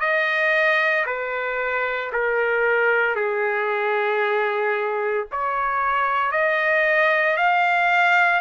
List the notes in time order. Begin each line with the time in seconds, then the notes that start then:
0.00 D#5
1.06 B4
2.12 A#4
3.16 G#4
5.32 C#5
6.32 D#5
7.37 F5